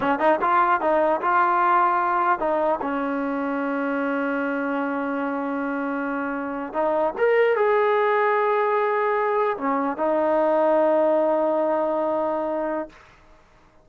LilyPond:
\new Staff \with { instrumentName = "trombone" } { \time 4/4 \tempo 4 = 149 cis'8 dis'8 f'4 dis'4 f'4~ | f'2 dis'4 cis'4~ | cis'1~ | cis'1~ |
cis'8. dis'4 ais'4 gis'4~ gis'16~ | gis'2.~ gis'8. cis'16~ | cis'8. dis'2.~ dis'16~ | dis'1 | }